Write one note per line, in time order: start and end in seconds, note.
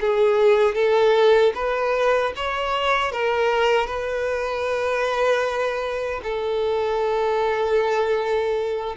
0.00 0.75 G#4
0.75 1.53 A4
1.55 2.33 B4
2.36 3.12 C#5
3.12 3.87 A#4
3.87 6.21 B4
6.23 8.96 A4